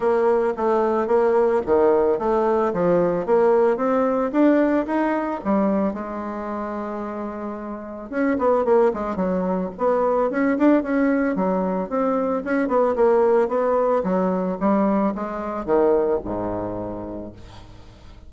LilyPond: \new Staff \with { instrumentName = "bassoon" } { \time 4/4 \tempo 4 = 111 ais4 a4 ais4 dis4 | a4 f4 ais4 c'4 | d'4 dis'4 g4 gis4~ | gis2. cis'8 b8 |
ais8 gis8 fis4 b4 cis'8 d'8 | cis'4 fis4 c'4 cis'8 b8 | ais4 b4 fis4 g4 | gis4 dis4 gis,2 | }